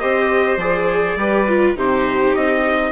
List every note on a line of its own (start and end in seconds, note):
0.00 0.57 C4
0.00 0.58 G4
0.00 1.17 C5
0.00 0.58 D#5
0.57 1.15 F3
0.57 1.18 G#4
0.57 1.77 D5
1.16 1.75 G3
1.16 1.47 G4
1.16 1.77 B4
1.48 1.76 F4
1.76 2.34 C3
1.76 2.92 D#4
1.76 2.92 G4
1.76 2.35 C5
2.35 2.92 C4
2.35 2.92 D#5